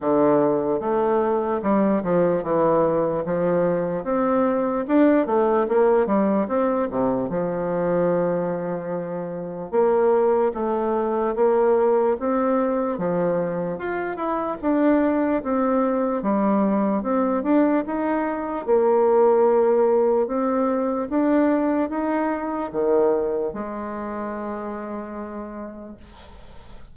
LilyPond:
\new Staff \with { instrumentName = "bassoon" } { \time 4/4 \tempo 4 = 74 d4 a4 g8 f8 e4 | f4 c'4 d'8 a8 ais8 g8 | c'8 c8 f2. | ais4 a4 ais4 c'4 |
f4 f'8 e'8 d'4 c'4 | g4 c'8 d'8 dis'4 ais4~ | ais4 c'4 d'4 dis'4 | dis4 gis2. | }